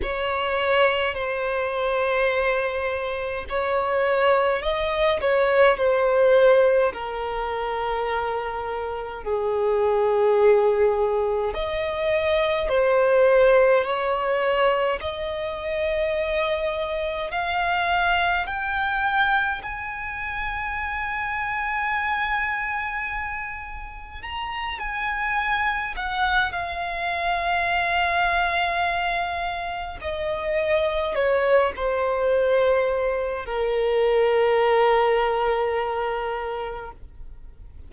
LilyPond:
\new Staff \with { instrumentName = "violin" } { \time 4/4 \tempo 4 = 52 cis''4 c''2 cis''4 | dis''8 cis''8 c''4 ais'2 | gis'2 dis''4 c''4 | cis''4 dis''2 f''4 |
g''4 gis''2.~ | gis''4 ais''8 gis''4 fis''8 f''4~ | f''2 dis''4 cis''8 c''8~ | c''4 ais'2. | }